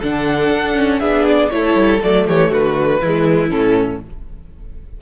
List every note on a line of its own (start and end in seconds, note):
0.00 0.50 D3
0.00 0.76 D4
0.00 0.99 A4
0.00 1.00 F#5
0.50 1.00 D4
0.76 1.00 C#4
0.99 1.50 B3
0.99 1.50 D4
0.99 1.49 G#4
0.99 1.25 E5
1.28 1.50 D5
1.50 1.75 A3
1.50 2.02 E4
1.50 2.27 A4
1.50 2.00 C#5
1.75 2.00 G3
2.02 2.28 F#3
2.02 3.02 A3
2.02 2.28 D5
2.27 2.51 E3
2.27 2.51 G4
2.27 2.53 C#5
2.51 3.01 D3
2.51 3.00 F#4
2.51 3.50 B4
3.00 3.52 E3
3.00 3.50 G#3
3.00 4.00 E4
3.50 4.02 A2
3.50 4.00 C#4
3.50 4.00 A4